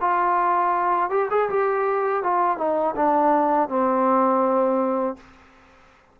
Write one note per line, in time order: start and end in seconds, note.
0.00 1.10 F4
1.10 1.28 G4
1.30 1.49 G#4
1.49 2.23 G4
2.23 2.57 F4
2.57 2.95 D#4
2.96 3.68 D4
3.68 5.16 C4